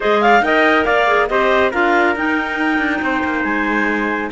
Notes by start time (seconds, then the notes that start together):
0.00 G#3 G#4 C5 D#5
0.21 D5 F5
0.40 D#4 A#4 D#5 G5
0.84 A#3 D5 F5
1.06 G#4
1.28 C4 G4 C5 D#5
1.71 D4 F4 A#4 F5
2.15 D#4 G5
2.78 D4
3.01 C4 C5
3.24 A#3
3.43 G#3 G#5